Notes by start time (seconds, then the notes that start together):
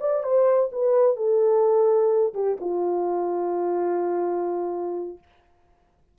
0.00 D5
0.23 C5
0.72 B4
1.16 A4
2.34 G4
2.61 F4